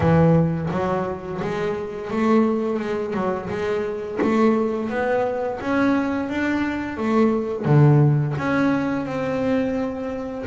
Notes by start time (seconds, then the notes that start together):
0.00 E3
0.70 F#3
1.41 G#3
2.11 A3
2.79 G#3
3.14 F#3
3.49 G#3
4.21 A3
4.89 B3
5.60 C#4
6.29 D4
6.97 A3
7.65 D3
8.37 C#4
9.05 C4